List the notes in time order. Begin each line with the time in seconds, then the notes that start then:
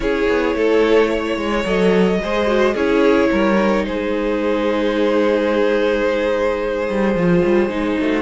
0.00 C#4 E4 G#4 C#5
0.28 B3
0.54 A3 A4
1.10 C#5
1.37 G#3
1.64 F#3 A4 D#5
2.22 G#3 G#4 C5
2.47 F#4
2.74 C#4 E4 G#4 C#5
3.30 G3 A#4
3.55 D#4
3.85 G#3 G#4 C5
6.88 G3
7.14 F3 F4
7.45 G3
7.69 G#3 D#4
7.99 A3 F#4